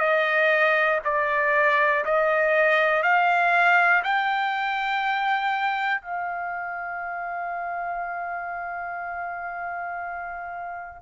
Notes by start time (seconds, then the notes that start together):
0.00 D#5
1.05 D5
2.05 D#5
3.03 F5
4.04 G5
6.02 F5